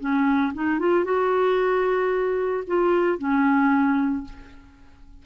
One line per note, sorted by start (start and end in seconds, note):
0.00 0.53 C#4
0.54 0.79 D#4
0.79 1.05 F4
1.05 2.64 F#4
2.67 3.19 F4
3.19 4.25 C#4